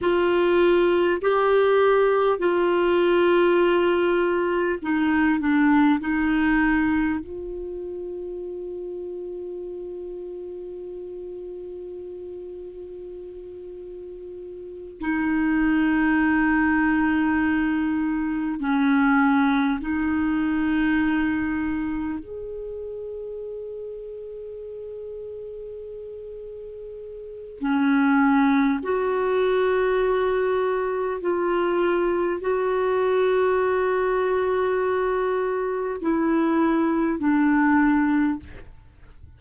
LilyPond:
\new Staff \with { instrumentName = "clarinet" } { \time 4/4 \tempo 4 = 50 f'4 g'4 f'2 | dis'8 d'8 dis'4 f'2~ | f'1~ | f'8 dis'2. cis'8~ |
cis'8 dis'2 gis'4.~ | gis'2. cis'4 | fis'2 f'4 fis'4~ | fis'2 e'4 d'4 | }